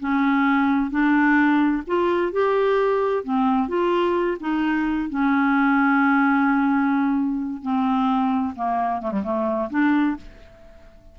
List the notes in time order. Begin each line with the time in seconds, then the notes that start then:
0.00 C#4
0.91 D4
1.87 F4
2.32 G4
3.24 C4
3.68 F4
4.40 D#4
5.10 C#4
7.62 C4
8.56 A#3
9.01 A3
9.12 G3
9.23 A3
9.70 D4